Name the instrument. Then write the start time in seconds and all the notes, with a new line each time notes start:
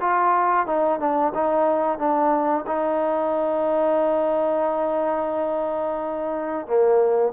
trombone
0.00 F4
0.66 D#4
0.99 D4
1.34 D#4
1.98 D4
2.67 D#4
6.66 A#3